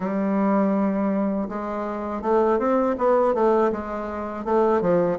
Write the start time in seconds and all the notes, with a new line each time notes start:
0.00 G3
1.48 G#3
2.21 A3
2.58 C4
2.98 B3
3.34 A3
3.72 G#3
4.44 A3
4.81 F3